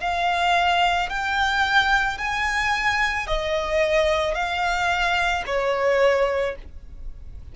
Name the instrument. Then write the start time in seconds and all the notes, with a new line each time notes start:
violin
0.00 F5
1.09 G5
2.18 G#5
3.27 D#5
4.34 F5
5.46 C#5